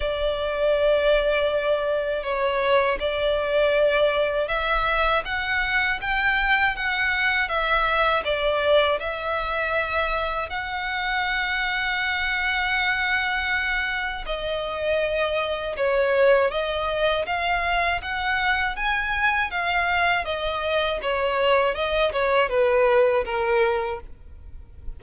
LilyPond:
\new Staff \with { instrumentName = "violin" } { \time 4/4 \tempo 4 = 80 d''2. cis''4 | d''2 e''4 fis''4 | g''4 fis''4 e''4 d''4 | e''2 fis''2~ |
fis''2. dis''4~ | dis''4 cis''4 dis''4 f''4 | fis''4 gis''4 f''4 dis''4 | cis''4 dis''8 cis''8 b'4 ais'4 | }